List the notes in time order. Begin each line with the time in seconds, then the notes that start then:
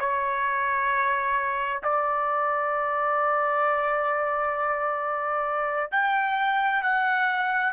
0.00 C#5
1.83 D5
5.91 G5
6.82 F#5